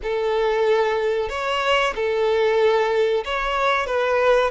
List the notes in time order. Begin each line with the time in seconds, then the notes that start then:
0.02 A4
1.29 C#5
1.95 A4
3.24 C#5
3.86 B4